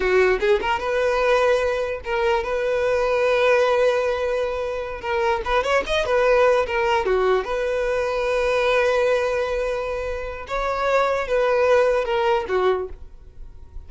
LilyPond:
\new Staff \with { instrumentName = "violin" } { \time 4/4 \tempo 4 = 149 fis'4 gis'8 ais'8 b'2~ | b'4 ais'4 b'2~ | b'1~ | b'8 ais'4 b'8 cis''8 dis''8 b'4~ |
b'8 ais'4 fis'4 b'4.~ | b'1~ | b'2 cis''2 | b'2 ais'4 fis'4 | }